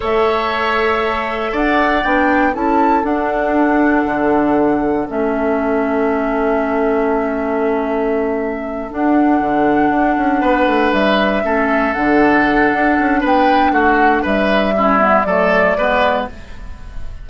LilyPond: <<
  \new Staff \with { instrumentName = "flute" } { \time 4/4 \tempo 4 = 118 e''2. fis''4 | g''4 a''4 fis''2~ | fis''2 e''2~ | e''1~ |
e''4. fis''2~ fis''8~ | fis''4. e''2 fis''8~ | fis''2 g''4 fis''4 | e''2 d''2 | }
  \new Staff \with { instrumentName = "oboe" } { \time 4/4 cis''2. d''4~ | d''4 a'2.~ | a'1~ | a'1~ |
a'1~ | a'8 b'2 a'4.~ | a'2 b'4 fis'4 | b'4 e'4 a'4 b'4 | }
  \new Staff \with { instrumentName = "clarinet" } { \time 4/4 a'1 | d'4 e'4 d'2~ | d'2 cis'2~ | cis'1~ |
cis'4. d'2~ d'8~ | d'2~ d'8 cis'4 d'8~ | d'1~ | d'4 cis'8 b8 a4 b4 | }
  \new Staff \with { instrumentName = "bassoon" } { \time 4/4 a2. d'4 | b4 cis'4 d'2 | d2 a2~ | a1~ |
a4. d'4 d4 d'8 | cis'8 b8 a8 g4 a4 d8~ | d4 d'8 cis'8 b4 a4 | g2 fis4 gis4 | }
>>